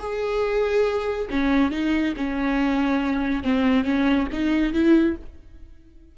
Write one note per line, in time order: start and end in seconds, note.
0.00 1.29 G#4
1.31 1.71 C#4
1.71 2.14 D#4
2.17 3.44 C#4
3.44 3.85 C4
3.85 4.28 C#4
4.32 4.73 D#4
4.73 5.16 E4